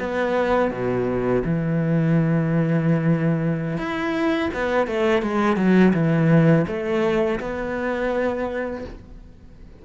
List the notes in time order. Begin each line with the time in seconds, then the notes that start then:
0.00 B3
0.71 B2
1.45 E3
3.78 E4
4.54 B3
4.87 A3
5.22 G#3
5.57 F#3
5.94 E3
6.67 A3
7.40 B3